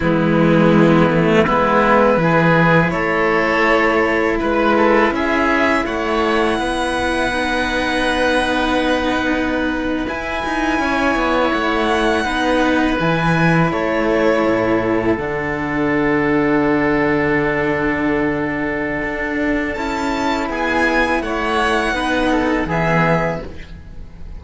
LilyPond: <<
  \new Staff \with { instrumentName = "violin" } { \time 4/4 \tempo 4 = 82 e'2 b'2 | cis''2 b'4 e''4 | fis''1~ | fis''4.~ fis''16 gis''2 fis''16~ |
fis''4.~ fis''16 gis''4 cis''4~ cis''16~ | cis''8. fis''2.~ fis''16~ | fis''2. a''4 | gis''4 fis''2 e''4 | }
  \new Staff \with { instrumentName = "oboe" } { \time 4/4 b2 e'4 gis'4 | a'2 b'8 a'8 gis'4 | cis''4 b'2.~ | b'2~ b'8. cis''4~ cis''16~ |
cis''8. b'2 a'4~ a'16~ | a'1~ | a'1 | gis'4 cis''4 b'8 a'8 gis'4 | }
  \new Staff \with { instrumentName = "cello" } { \time 4/4 gis4. a8 b4 e'4~ | e'1~ | e'2 dis'2~ | dis'4.~ dis'16 e'2~ e'16~ |
e'8. dis'4 e'2~ e'16~ | e'8. d'2.~ d'16~ | d'2. e'4~ | e'2 dis'4 b4 | }
  \new Staff \with { instrumentName = "cello" } { \time 4/4 e2 gis4 e4 | a2 gis4 cis'4 | a4 b2.~ | b4.~ b16 e'8 dis'8 cis'8 b8 a16~ |
a8. b4 e4 a4 a,16~ | a,8. d2.~ d16~ | d2 d'4 cis'4 | b4 a4 b4 e4 | }
>>